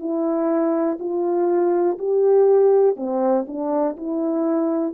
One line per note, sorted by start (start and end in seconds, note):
0.00 0.98 E4
1.00 1.98 F4
1.99 2.97 G4
2.97 3.46 C4
3.47 3.97 D4
3.97 4.94 E4